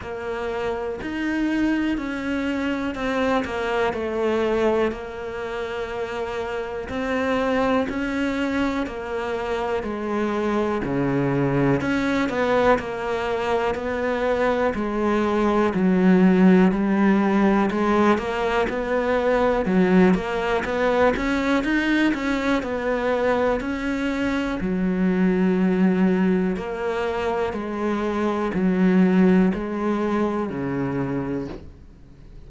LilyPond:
\new Staff \with { instrumentName = "cello" } { \time 4/4 \tempo 4 = 61 ais4 dis'4 cis'4 c'8 ais8 | a4 ais2 c'4 | cis'4 ais4 gis4 cis4 | cis'8 b8 ais4 b4 gis4 |
fis4 g4 gis8 ais8 b4 | fis8 ais8 b8 cis'8 dis'8 cis'8 b4 | cis'4 fis2 ais4 | gis4 fis4 gis4 cis4 | }